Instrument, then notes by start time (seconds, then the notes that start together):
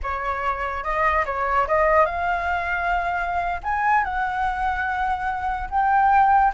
flute
0.02 C#5
0.83 D#5
1.25 C#5
1.67 D#5
2.05 F5
3.63 G#5
4.03 F#5
5.70 G5